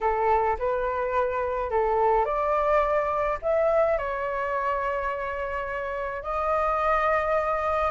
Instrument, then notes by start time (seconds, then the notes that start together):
flute
0.00 A4
0.58 B4
1.70 A4
2.25 D5
3.41 E5
3.98 C#5
6.22 D#5